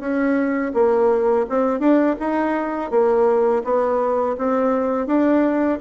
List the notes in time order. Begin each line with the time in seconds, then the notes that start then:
0.00 C#4
0.74 A#3
1.50 C4
1.80 D4
2.20 D#4
2.91 A#3
3.64 B3
4.38 C4
5.07 D4